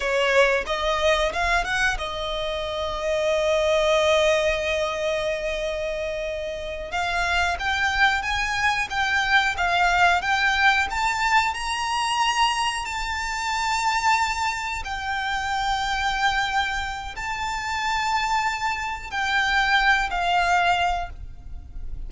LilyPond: \new Staff \with { instrumentName = "violin" } { \time 4/4 \tempo 4 = 91 cis''4 dis''4 f''8 fis''8 dis''4~ | dis''1~ | dis''2~ dis''8 f''4 g''8~ | g''8 gis''4 g''4 f''4 g''8~ |
g''8 a''4 ais''2 a''8~ | a''2~ a''8 g''4.~ | g''2 a''2~ | a''4 g''4. f''4. | }